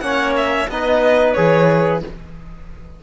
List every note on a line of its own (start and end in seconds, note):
0.00 0.67 A#3
0.00 0.68 C#4
0.00 0.70 C#5
0.00 0.33 F#5
0.37 0.70 E5
0.68 1.34 B3
0.68 1.36 D#4
0.68 2.03 B4
0.68 1.33 D#5
1.33 2.03 E3
1.33 2.02 G#4
1.33 1.99 C#5